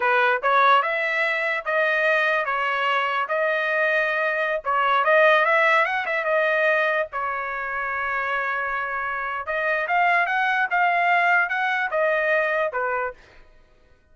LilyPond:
\new Staff \with { instrumentName = "trumpet" } { \time 4/4 \tempo 4 = 146 b'4 cis''4 e''2 | dis''2 cis''2 | dis''2.~ dis''16 cis''8.~ | cis''16 dis''4 e''4 fis''8 e''8 dis''8.~ |
dis''4~ dis''16 cis''2~ cis''8.~ | cis''2. dis''4 | f''4 fis''4 f''2 | fis''4 dis''2 b'4 | }